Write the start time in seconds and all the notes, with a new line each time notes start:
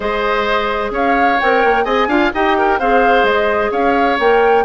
0.00 G#3 G#4 C5 D#5
0.90 C#4 C#5 F5
1.39 C4 A#4 G5
1.64 A#3
1.84 C4 G#4 D#5 G#5
2.07 D4 F4 F5
2.33 D#4 G4 D#5 G5
2.57 A#4
2.79 C4 G#4 C5 F5
3.23 G#3 D#5
3.71 C#4 C#5 F5
4.18 A#3 A#4 G5